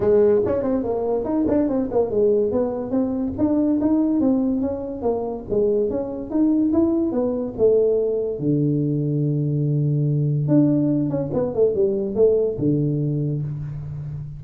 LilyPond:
\new Staff \with { instrumentName = "tuba" } { \time 4/4 \tempo 4 = 143 gis4 cis'8 c'8 ais4 dis'8 d'8 | c'8 ais8 gis4 b4 c'4 | d'4 dis'4 c'4 cis'4 | ais4 gis4 cis'4 dis'4 |
e'4 b4 a2 | d1~ | d4 d'4. cis'8 b8 a8 | g4 a4 d2 | }